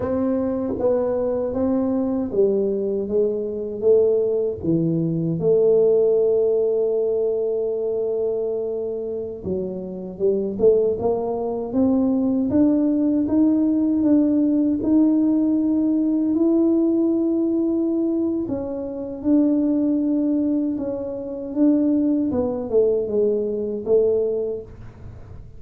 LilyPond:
\new Staff \with { instrumentName = "tuba" } { \time 4/4 \tempo 4 = 78 c'4 b4 c'4 g4 | gis4 a4 e4 a4~ | a1~ | a16 fis4 g8 a8 ais4 c'8.~ |
c'16 d'4 dis'4 d'4 dis'8.~ | dis'4~ dis'16 e'2~ e'8. | cis'4 d'2 cis'4 | d'4 b8 a8 gis4 a4 | }